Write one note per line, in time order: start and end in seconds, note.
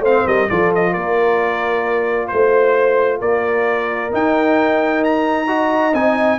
0.00 0.23 A3
0.00 0.49 C4
0.00 0.25 C5
0.00 0.27 F5
0.26 0.49 G3
0.26 0.49 A#4
0.26 0.49 D#5
0.49 0.95 F3
0.49 4.11 F4
0.49 0.92 A4
0.49 0.72 D5
0.75 0.93 D#5
0.92 2.32 A#3
0.92 2.28 A#4
0.92 2.28 D5
2.28 3.21 A3
2.28 3.18 C5
2.28 3.20 C5
3.20 4.12 A#3
3.20 5.47 A#4
3.20 4.12 D5
4.11 5.47 D#4
4.11 5.94 D#4
4.11 5.04 G5
5.04 5.94 A#5
5.47 5.93 F#4
5.47 6.39 D#5
5.94 6.39 C4
5.94 6.39 D#4
5.94 6.39 G#5